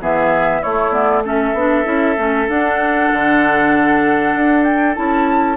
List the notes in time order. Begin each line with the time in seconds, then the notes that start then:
0.00 E3 B3 G#4 E5
0.61 A3 E4 C#5
0.91 B3 D5
1.24 C#4 A4 E5
1.53 B3 D4
1.84 C#4 E4
2.16 A3 C#4
2.48 D4 F#5
3.12 D3
4.34 D4
4.63 G5
4.94 C#4 E4 A5